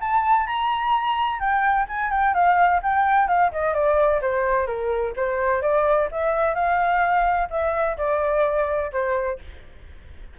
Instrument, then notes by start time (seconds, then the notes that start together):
flute
0.00 A5
0.46 A#5
1.40 G5
1.88 G#5
2.11 G5
2.34 F5
2.82 G5
3.27 F5
3.52 D#5
3.74 D5
4.21 C5
4.66 A#4
5.16 C5
5.61 D5
6.11 E5
6.54 F5
7.50 E5
7.97 D5
8.92 C5